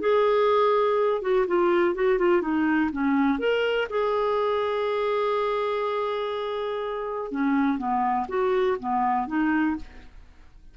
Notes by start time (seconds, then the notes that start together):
0.00 G#4
1.22 F#4
1.47 F4
1.95 F#4
2.18 F4
2.41 D#4
2.92 C#4
3.39 A#4
3.90 G#4
7.31 C#4
7.78 B3
8.28 F#4
8.80 B3
9.27 D#4